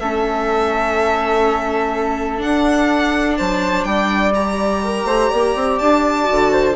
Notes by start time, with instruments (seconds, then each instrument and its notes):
0.00 bassoon A3, viola C#4, flute A4, violin E5
2.38 viola D4, bassoon D4, violin F#5
3.37 bassoon F#3, flute C5, violin A5
3.84 bassoon G3, flute D5, violin G5
4.35 viola G4, violin A#5
4.84 flute A#4
5.05 bassoon A3, flute C5
5.30 bassoon A#3, flute D5
5.56 bassoon C4
5.79 bassoon D4, violin A5
6.25 bassoon D3, viola F#4
6.52 flute C5